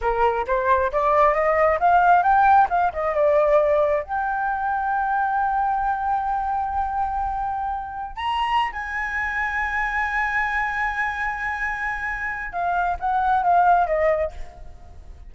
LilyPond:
\new Staff \with { instrumentName = "flute" } { \time 4/4 \tempo 4 = 134 ais'4 c''4 d''4 dis''4 | f''4 g''4 f''8 dis''8 d''4~ | d''4 g''2.~ | g''1~ |
g''2~ g''16 ais''4~ ais''16 gis''8~ | gis''1~ | gis''1 | f''4 fis''4 f''4 dis''4 | }